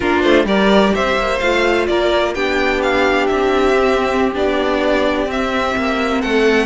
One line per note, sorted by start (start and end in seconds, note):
0.00 0.24 A#3
0.00 0.47 D4
0.00 0.46 F4
0.00 0.22 A#4
0.22 0.45 A3
0.22 0.45 C5
0.45 0.91 G3
0.45 1.41 G4
0.45 0.93 A#4
0.45 0.94 D5
0.94 1.17 C4
0.94 1.88 C5
0.94 1.39 E5
1.17 1.40 A#3
1.39 1.88 A3
1.39 2.35 F4
1.39 1.86 F5
1.87 2.35 A#3
1.87 2.34 A#4
1.87 2.33 D5
2.34 3.29 B3
2.34 3.74 D4
2.34 6.20 G4
2.34 2.81 G5
2.82 3.26 F5
3.26 4.35 C4
3.26 4.32 E5
3.74 4.33 C4
4.34 5.26 B3
4.34 5.28 D4
4.34 5.30 D5
5.26 5.73 C4
5.26 6.66 C4
5.26 6.21 E5
5.76 6.23 A#3
6.20 6.66 A3
6.20 6.66 A4
6.20 6.66 F#5